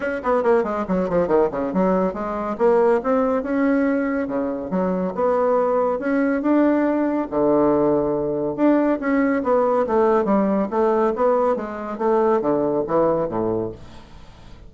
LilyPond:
\new Staff \with { instrumentName = "bassoon" } { \time 4/4 \tempo 4 = 140 cis'8 b8 ais8 gis8 fis8 f8 dis8 cis8 | fis4 gis4 ais4 c'4 | cis'2 cis4 fis4 | b2 cis'4 d'4~ |
d'4 d2. | d'4 cis'4 b4 a4 | g4 a4 b4 gis4 | a4 d4 e4 a,4 | }